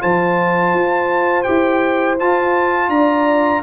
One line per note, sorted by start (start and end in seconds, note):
0.00 0.74 F3
0.00 1.45 F4
0.00 2.90 C5
0.00 1.43 A5
0.74 1.46 F4
1.43 2.20 E4
1.43 2.17 G4
1.43 2.15 G5
2.19 3.62 F4
2.19 2.88 F4
2.19 2.89 A5
2.88 3.61 D4
2.88 3.62 D5
2.88 3.62 A#5